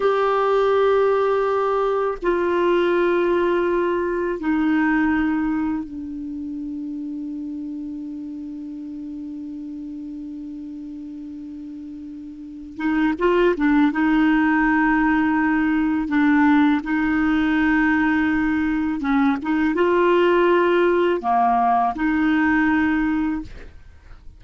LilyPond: \new Staff \with { instrumentName = "clarinet" } { \time 4/4 \tempo 4 = 82 g'2. f'4~ | f'2 dis'2 | d'1~ | d'1~ |
d'4. dis'8 f'8 d'8 dis'4~ | dis'2 d'4 dis'4~ | dis'2 cis'8 dis'8 f'4~ | f'4 ais4 dis'2 | }